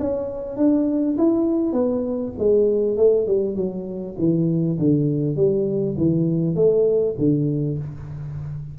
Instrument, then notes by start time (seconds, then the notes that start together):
tuba
0.00 C#4
0.57 D4
1.18 E4
1.73 B3
2.38 G#3
2.97 A3
3.27 G3
3.56 F#3
4.18 E3
4.79 D3
5.36 G3
5.98 E3
6.56 A3
7.18 D3